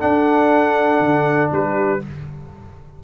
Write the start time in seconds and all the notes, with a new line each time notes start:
0.00 D4 A4 F#5
1.00 D3
1.52 G3 G4 B4